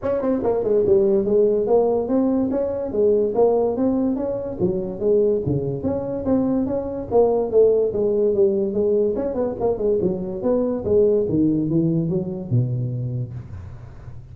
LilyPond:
\new Staff \with { instrumentName = "tuba" } { \time 4/4 \tempo 4 = 144 cis'8 c'8 ais8 gis8 g4 gis4 | ais4 c'4 cis'4 gis4 | ais4 c'4 cis'4 fis4 | gis4 cis4 cis'4 c'4 |
cis'4 ais4 a4 gis4 | g4 gis4 cis'8 b8 ais8 gis8 | fis4 b4 gis4 dis4 | e4 fis4 b,2 | }